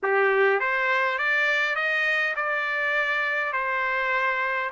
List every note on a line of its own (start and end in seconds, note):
0.02 0.60 G4
0.60 1.18 C5
1.18 1.75 D5
1.75 2.34 D#5
2.36 3.52 D5
3.52 4.70 C5